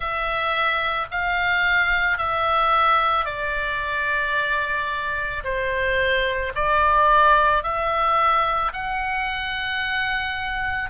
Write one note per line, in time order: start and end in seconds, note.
0.00 1.07 E5
1.11 2.18 F5
2.18 3.25 E5
3.25 5.43 D5
5.43 6.53 C5
6.55 7.63 D5
7.63 8.72 E5
8.72 10.90 F#5